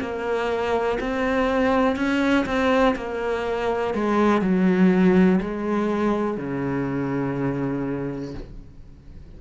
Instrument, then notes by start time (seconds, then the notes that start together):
cello
0.00 A#3
1.00 C4
1.96 C#4
2.45 C4
2.96 A#3
3.94 G#3
4.41 F#3
5.40 G#3
6.37 C#3